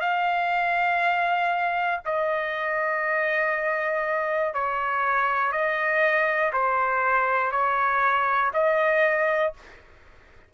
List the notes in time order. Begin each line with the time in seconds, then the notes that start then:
0.00 F5
2.05 D#5
4.54 C#5
5.52 D#5
6.53 C5
7.52 C#5
8.53 D#5